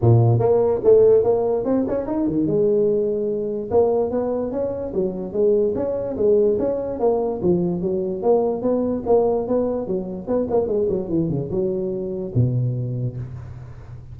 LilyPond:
\new Staff \with { instrumentName = "tuba" } { \time 4/4 \tempo 4 = 146 ais,4 ais4 a4 ais4 | c'8 cis'8 dis'8 dis8 gis2~ | gis4 ais4 b4 cis'4 | fis4 gis4 cis'4 gis4 |
cis'4 ais4 f4 fis4 | ais4 b4 ais4 b4 | fis4 b8 ais8 gis8 fis8 e8 cis8 | fis2 b,2 | }